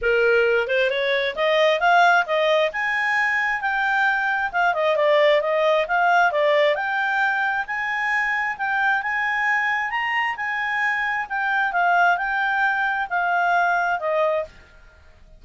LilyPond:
\new Staff \with { instrumentName = "clarinet" } { \time 4/4 \tempo 4 = 133 ais'4. c''8 cis''4 dis''4 | f''4 dis''4 gis''2 | g''2 f''8 dis''8 d''4 | dis''4 f''4 d''4 g''4~ |
g''4 gis''2 g''4 | gis''2 ais''4 gis''4~ | gis''4 g''4 f''4 g''4~ | g''4 f''2 dis''4 | }